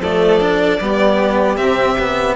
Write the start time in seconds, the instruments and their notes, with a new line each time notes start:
0.00 bassoon F3, cello A3, violin A4 D5
0.41 cello D4
0.80 bassoon G3, cello B3, violin G4
1.57 bassoon C3, cello C4, violin E5
1.99 cello B3